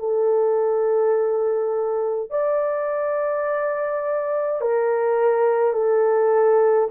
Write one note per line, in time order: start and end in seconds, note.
0.00 2.31 A4
2.31 4.61 D5
4.61 5.73 A#4
5.73 6.89 A4